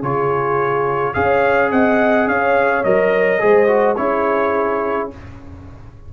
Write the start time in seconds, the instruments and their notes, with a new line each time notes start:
0.00 tuba C#3, trombone F4, horn G#4, trumpet C#5
1.14 tuba C#4, trombone G#4, horn C#5, trumpet F5
1.72 tuba C4, horn D#5, trumpet F#5
2.27 tuba C#4, horn C#5, trumpet F5
2.84 tuba F#3, trombone A#4, trumpet D#5
3.39 tuba G#3, trombone G#4, horn C5
3.68 trombone F#4
3.96 tuba C#4, trombone E4, horn G#4, trumpet C#5